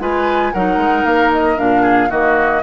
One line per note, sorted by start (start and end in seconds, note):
0.00 0.53 G#3
0.00 0.53 F4
0.00 0.53 B4
0.00 0.53 G#5
0.53 0.77 F#3
0.53 1.56 D#4
0.53 1.82 A#4
0.53 1.05 F#5
0.77 1.03 G#3
1.05 1.58 A#3
1.05 1.31 F5
1.32 1.59 D#5
1.56 2.11 A#2
1.56 2.09 D4
1.56 2.11 F5
1.82 2.09 G#4
2.10 2.63 D#3
2.10 2.63 A#3
2.10 2.62 F#4
2.10 2.63 D#5